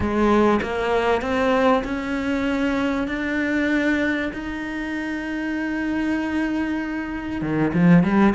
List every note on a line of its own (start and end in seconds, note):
0.00 0.60 G#3
0.62 1.21 A#3
1.21 1.83 C4
1.84 3.07 C#4
3.07 4.31 D4
4.33 7.41 D#4
7.41 7.72 D#3
7.73 8.03 F3
8.03 8.34 G3